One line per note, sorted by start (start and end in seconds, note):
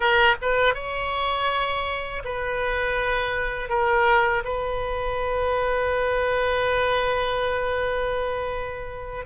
0.00 0.35 A#4
0.41 0.74 B4
0.74 2.22 C#5
2.24 3.69 B4
3.69 4.43 A#4
4.44 9.25 B4